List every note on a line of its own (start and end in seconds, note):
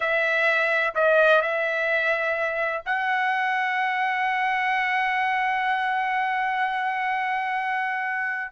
0.00 0.94 E5
0.94 1.41 D#5
1.41 2.83 E5
2.85 8.52 F#5